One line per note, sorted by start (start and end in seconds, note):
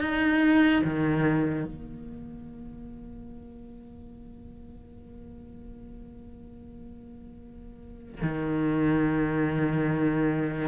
0.00 0.82 D#4
0.84 1.65 D#3
1.65 8.22 A#3
8.22 10.68 D#3